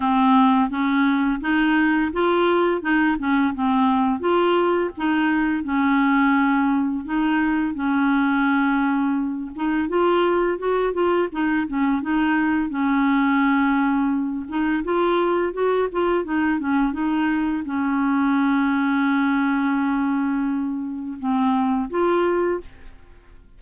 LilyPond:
\new Staff \with { instrumentName = "clarinet" } { \time 4/4 \tempo 4 = 85 c'4 cis'4 dis'4 f'4 | dis'8 cis'8 c'4 f'4 dis'4 | cis'2 dis'4 cis'4~ | cis'4. dis'8 f'4 fis'8 f'8 |
dis'8 cis'8 dis'4 cis'2~ | cis'8 dis'8 f'4 fis'8 f'8 dis'8 cis'8 | dis'4 cis'2.~ | cis'2 c'4 f'4 | }